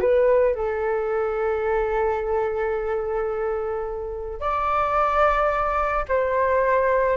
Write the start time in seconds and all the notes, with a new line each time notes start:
0.00 B4
0.54 A4
4.40 D5
6.08 C5